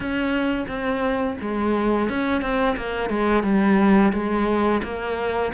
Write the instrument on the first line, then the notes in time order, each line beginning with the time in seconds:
cello
0.00 C#4
0.68 C4
1.41 G#3
2.09 C#4
2.41 C4
2.76 A#3
3.09 G#3
3.43 G3
4.12 G#3
4.83 A#3